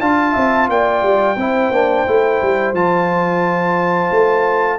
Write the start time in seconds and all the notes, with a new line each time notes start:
0.00 D4 F4 F5 A5
0.33 C4 E5
0.69 A#3 D5 G5
1.03 G3
1.36 C4 E4 C5
1.71 A#3 D4
2.07 A3 E4
2.42 G3
2.73 F3 F4 A5
4.11 A3